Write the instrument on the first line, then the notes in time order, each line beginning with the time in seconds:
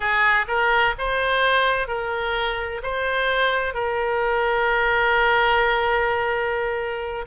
oboe
0.00 G#4
0.47 A#4
0.98 C5
1.87 A#4
2.82 C5
3.74 A#4